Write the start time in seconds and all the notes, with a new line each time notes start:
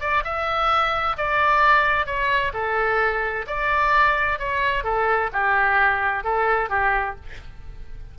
0.00 D5
0.24 E5
1.17 D5
2.06 C#5
2.53 A4
3.47 D5
4.38 C#5
4.84 A4
5.32 G4
6.23 A4
6.69 G4